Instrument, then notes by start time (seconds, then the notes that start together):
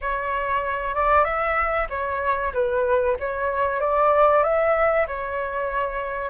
flute
0.01 C#5
0.94 D5
1.24 E5
1.89 C#5
2.53 B4
3.19 C#5
3.80 D5
4.43 E5
5.07 C#5